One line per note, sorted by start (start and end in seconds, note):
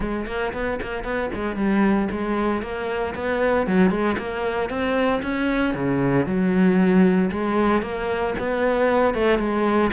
0.00 0.26 G#3
0.26 0.52 A#3
0.53 0.79 B3
0.81 1.04 A#3
1.04 1.30 B3
1.34 1.56 G#3
1.56 2.08 G3
2.11 2.62 G#3
2.62 3.14 A#3
3.14 3.66 B3
3.66 3.90 F#3
3.90 4.16 G#3
4.18 4.69 A#3
4.69 5.21 C4
5.22 5.74 C#4
5.74 6.26 C#3
6.26 7.30 F#3
7.31 7.82 G#3
7.82 8.34 A#3
8.38 9.14 B3
9.14 9.38 A3
9.38 9.91 G#3